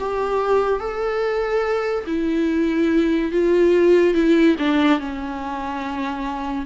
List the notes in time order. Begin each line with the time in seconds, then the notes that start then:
0.00 G4
0.80 A4
2.07 E4
3.32 F4
4.15 E4
4.59 D4
5.00 C#4